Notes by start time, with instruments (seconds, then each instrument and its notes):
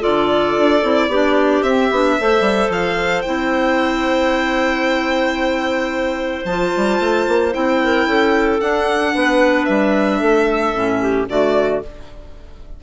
0.00 bassoon D3, clarinet F4 A4, violin D5
0.57 bassoon D4
0.82 bassoon C4, clarinet E4
1.07 bassoon B3, clarinet D4 G4
1.62 bassoon C4, clarinet C4, violin E5
1.91 bassoon B3, clarinet D4
2.19 bassoon A3, clarinet A4 C5
2.40 bassoon G3
2.69 bassoon F3, violin F5
3.21 bassoon C4, clarinet E4, violin G5
6.44 bassoon F3, clarinet F4, violin A5
6.76 bassoon G3
6.99 bassoon A3
7.27 bassoon A#3
7.52 bassoon C4, clarinet E4, violin G5
7.83 clarinet A#4
8.06 bassoon C#4, clarinet A4
8.60 clarinet D4, bassoon D4, violin F#5
9.14 bassoon B3, clarinet B4
9.64 bassoon G3, violin E5
10.19 bassoon A3, clarinet A4
10.73 bassoon A2, clarinet C#4
11.01 clarinet G4
11.28 bassoon D3, clarinet A3 F#4, violin D5